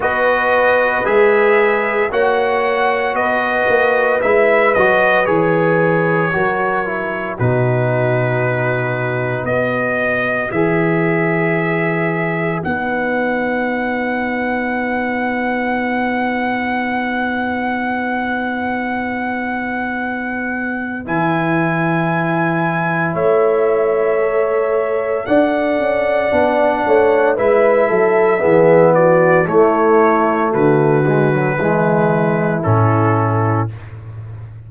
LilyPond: <<
  \new Staff \with { instrumentName = "trumpet" } { \time 4/4 \tempo 4 = 57 dis''4 e''4 fis''4 dis''4 | e''8 dis''8 cis''2 b'4~ | b'4 dis''4 e''2 | fis''1~ |
fis''1 | gis''2 e''2 | fis''2 e''4. d''8 | cis''4 b'2 a'4 | }
  \new Staff \with { instrumentName = "horn" } { \time 4/4 b'2 cis''4 b'4~ | b'2 ais'4 fis'4~ | fis'4 b'2.~ | b'1~ |
b'1~ | b'2 cis''2 | d''4. cis''8 b'8 a'8 gis'8 fis'8 | e'4 fis'4 e'2 | }
  \new Staff \with { instrumentName = "trombone" } { \time 4/4 fis'4 gis'4 fis'2 | e'8 fis'8 gis'4 fis'8 e'8 dis'4~ | dis'4 fis'4 gis'2 | dis'1~ |
dis'1 | e'2. a'4~ | a'4 d'4 e'4 b4 | a4. gis16 fis16 gis4 cis'4 | }
  \new Staff \with { instrumentName = "tuba" } { \time 4/4 b4 gis4 ais4 b8 ais8 | gis8 fis8 e4 fis4 b,4~ | b,4 b4 e2 | b1~ |
b1 | e2 a2 | d'8 cis'8 b8 a8 gis8 fis8 e4 | a4 d4 e4 a,4 | }
>>